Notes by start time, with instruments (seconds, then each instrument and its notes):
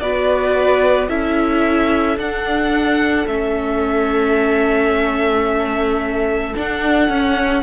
0.00 cello B3, viola F#4, violin B4 D5
1.08 cello C#4, viola E4, violin A4 E5
2.17 cello D4, viola D4, violin F#5
3.27 cello A3, viola C#4, violin E5
6.55 viola D4, cello D4, violin F#5
7.09 cello C#4, viola C#4